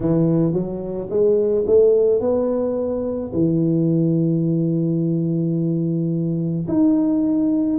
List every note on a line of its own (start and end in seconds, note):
0.00 0.53 E3
0.53 1.08 F#3
1.10 1.65 G#3
1.67 2.20 A3
2.20 3.31 B3
3.33 6.66 E3
6.68 7.79 D#4